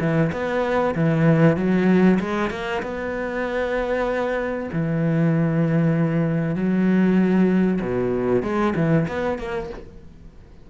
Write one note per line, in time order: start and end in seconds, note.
0.00 0.31 E3
0.32 0.94 B3
0.95 1.56 E3
1.56 2.19 F#3
2.19 2.50 G#3
2.50 2.81 A#3
2.82 4.69 B3
4.72 6.55 E3
6.55 7.80 F#3
7.81 8.42 B2
8.42 8.73 G#3
8.76 9.07 E3
9.07 9.38 B3
9.38 9.69 A#3